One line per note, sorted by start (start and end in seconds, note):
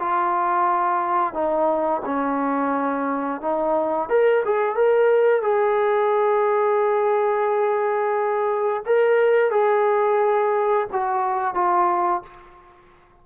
0.00 1.34 F4
1.34 2.02 D#4
2.06 3.42 C#4
3.42 4.10 D#4
4.10 4.44 A#4
4.45 4.76 G#4
4.76 5.42 A#4
5.42 8.83 G#4
8.86 9.51 A#4
9.51 10.87 G#4
10.93 11.55 F#4
11.55 12.23 F4